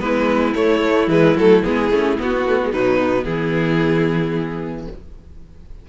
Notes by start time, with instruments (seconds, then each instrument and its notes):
0.00 cello G#3, viola B3, violin E4 B4
0.55 viola A3, cello A3, violin C#5
1.08 cello E3, viola G#3, violin B4
1.36 cello F#3, viola A3, violin A4
1.63 cello G#3, viola B3, violin G#4
1.91 cello A3, viola C#4
2.18 viola B3, cello B3, violin F#4
2.47 viola A3
2.63 viola G#3
2.71 cello B2, viola F#3, violin D#4 B4
3.00 viola B3
3.25 cello E3, violin E4 G#4